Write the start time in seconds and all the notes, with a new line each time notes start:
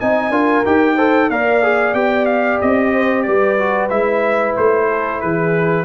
0.00 C4 D#4 D#5 G#5
0.30 D4 F4 A#4
0.65 D#4 G4 G5
0.96 A4 C5
1.30 A#3 A#4 D5 F5
1.63 G#4
1.94 B3 G4 G5
2.26 F5
2.61 C4 D#5
2.93 C5
3.22 G3 B4 D5
3.59 F#4
3.90 G#3 E4 E5
4.57 A3 C5
4.88 A4
5.21 E3 G#4 B4